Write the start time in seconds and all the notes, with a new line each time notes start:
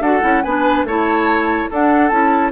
0.00 D4 F#4 A4 F#5
0.22 C#4 E4
0.43 B3 D4 B4 G#5
0.83 A3 E4 C#5 A5
1.70 D4 A4 F#5
2.09 C#4 E4 A5